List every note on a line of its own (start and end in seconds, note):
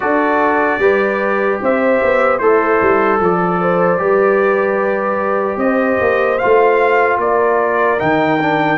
0.00 0.78 D4
0.00 0.80 F#4
0.00 0.80 A4
0.00 1.60 D5
0.78 1.58 G3
0.78 2.40 G4
0.78 1.60 B4
1.62 2.02 C4
1.62 2.39 C5
1.62 2.38 E5
2.02 2.40 B3
2.38 2.80 A3
2.38 3.19 E4
2.38 3.98 A4
2.38 3.18 C5
2.81 3.20 G3
3.20 3.99 F3
3.20 3.61 A4
3.20 5.58 D5
3.61 4.00 C5
3.98 5.57 G3
3.98 6.38 G4
3.98 5.60 B4
5.57 5.97 C4
5.57 7.20 C5
5.57 6.38 D#5
6.01 6.41 A#3
6.38 7.98 F4
6.38 7.18 F5
6.44 7.17 A3
7.17 7.97 A#3
7.17 8.77 A#4
7.17 7.99 D5
7.98 8.77 D#3
7.98 8.38 D#4
7.98 8.77 G5
8.41 8.77 D4